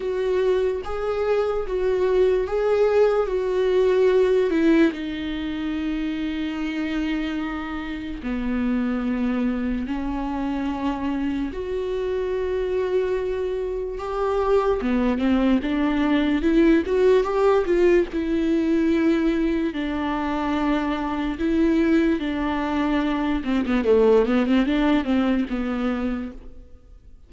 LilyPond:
\new Staff \with { instrumentName = "viola" } { \time 4/4 \tempo 4 = 73 fis'4 gis'4 fis'4 gis'4 | fis'4. e'8 dis'2~ | dis'2 b2 | cis'2 fis'2~ |
fis'4 g'4 b8 c'8 d'4 | e'8 fis'8 g'8 f'8 e'2 | d'2 e'4 d'4~ | d'8 c'16 b16 a8 b16 c'16 d'8 c'8 b4 | }